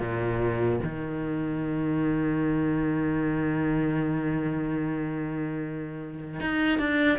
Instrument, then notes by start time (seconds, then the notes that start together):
cello
0.00 A#2
0.84 D#3
6.41 D#4
6.79 D4